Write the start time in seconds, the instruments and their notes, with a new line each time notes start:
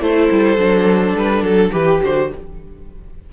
0.00 cello A3, viola E4, violin A4 C5
0.31 cello G3
0.57 cello F#3, viola D4
1.15 cello G3, violin B4
1.42 cello F#3, violin A4
1.71 cello E3, viola G4, violin G4 B4
2.03 cello D3, viola F#4, violin C5